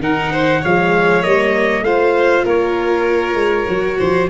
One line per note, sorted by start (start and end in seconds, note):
0.00 0.61 D#3
0.00 0.64 D#4
0.00 0.33 A#4
0.00 0.65 F#5
0.33 0.62 C5
0.62 1.26 F3
0.62 1.23 G#3
0.62 1.84 C#5
0.62 1.24 F5
1.23 1.82 G3
1.23 1.85 A#3
1.23 1.85 D#5
1.82 2.43 A3
1.82 3.67 F4
1.82 2.45 C5
1.82 2.46 F5
2.45 3.35 A#3
2.45 3.98 A#4
2.45 4.30 C#5
3.35 3.66 G#3
3.67 3.99 F#3
3.67 4.29 F#4
3.99 4.30 F3
3.99 4.30 C5